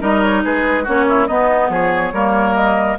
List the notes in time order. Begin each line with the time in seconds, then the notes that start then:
0.00 G3 D#4 A#4 D#5
0.22 C#5
0.44 G#3 G#4 B4
0.84 A#3 C#4 F#4 C#5
1.09 E4
1.27 B3 D#4 D#5
1.69 F3 G#4 C#5
2.12 G3 A#3 A#4
2.55 D#5